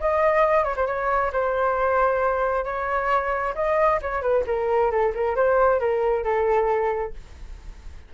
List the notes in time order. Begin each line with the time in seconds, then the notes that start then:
0.00 D#5
0.64 C#5
0.76 C5
0.86 C#5
1.32 C5
2.64 C#5
3.55 D#5
4.02 C#5
4.22 B4
4.46 A#4
4.91 A4
5.15 A#4
5.35 C5
5.80 A#4
6.24 A4